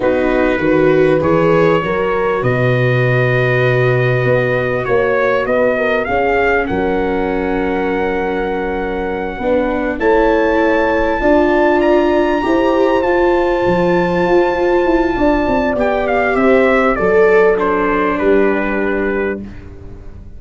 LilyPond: <<
  \new Staff \with { instrumentName = "trumpet" } { \time 4/4 \tempo 4 = 99 b'2 cis''2 | dis''1 | cis''4 dis''4 f''4 fis''4~ | fis''1~ |
fis''8 a''2. ais''8~ | ais''4. a''2~ a''8~ | a''2 g''8 f''8 e''4 | d''4 c''4 b'2 | }
  \new Staff \with { instrumentName = "horn" } { \time 4/4 fis'4 b'2 ais'4 | b'1 | cis''4 b'8 ais'8 gis'4 ais'4~ | ais'2.~ ais'8 b'8~ |
b'8 cis''2 d''4.~ | d''8 c''2.~ c''8~ | c''4 d''2 c''4 | a'2 g'2 | }
  \new Staff \with { instrumentName = "viola" } { \time 4/4 dis'4 fis'4 gis'4 fis'4~ | fis'1~ | fis'2 cis'2~ | cis'2.~ cis'8 d'8~ |
d'8 e'2 f'4.~ | f'8 g'4 f'2~ f'8~ | f'2 g'2 | a'4 d'2. | }
  \new Staff \with { instrumentName = "tuba" } { \time 4/4 b4 dis4 e4 fis4 | b,2. b4 | ais4 b4 cis'4 fis4~ | fis2.~ fis8 b8~ |
b8 a2 d'4.~ | d'8 e'4 f'4 f4 f'8~ | f'8 e'8 d'8 c'8 b4 c'4 | fis2 g2 | }
>>